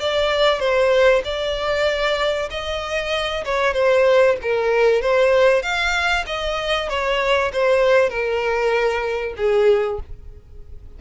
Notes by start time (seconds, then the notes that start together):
0.00 D5
0.59 C5
1.24 D5
2.50 D#5
3.45 C#5
3.74 C5
4.42 A#4
5.01 C5
5.62 F5
6.26 D#5
6.89 C#5
7.53 C5
8.09 A#4
9.37 G#4